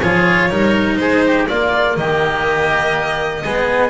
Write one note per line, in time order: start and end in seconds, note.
0.00 0.49 F3
0.00 0.49 F4
0.00 0.49 G#4
0.00 0.96 C#5
0.49 0.98 G3
0.49 1.47 D#4
0.49 0.99 A#4
0.96 1.48 G#3
0.96 1.25 G#4
0.96 1.45 C5
1.26 1.48 G4
1.48 3.44 A#3
1.48 1.96 A#3
1.48 1.97 F4
1.48 1.96 D5
1.96 3.43 D#3
1.96 3.44 G4
1.96 3.90 D#5
3.44 3.90 G#3
3.44 3.90 B3
3.44 3.90 G#4